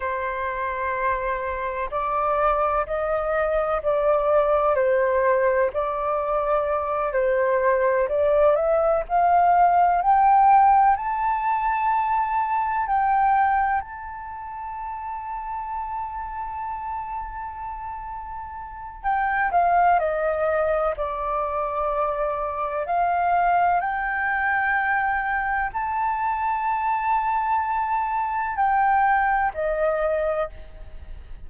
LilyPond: \new Staff \with { instrumentName = "flute" } { \time 4/4 \tempo 4 = 63 c''2 d''4 dis''4 | d''4 c''4 d''4. c''8~ | c''8 d''8 e''8 f''4 g''4 a''8~ | a''4. g''4 a''4.~ |
a''1 | g''8 f''8 dis''4 d''2 | f''4 g''2 a''4~ | a''2 g''4 dis''4 | }